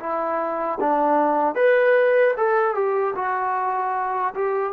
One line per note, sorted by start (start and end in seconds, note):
0.00 0.79 E4
0.80 1.55 D4
1.55 2.34 B4
2.37 2.75 A4
2.75 3.14 G4
3.15 4.34 F#4
4.35 4.73 G4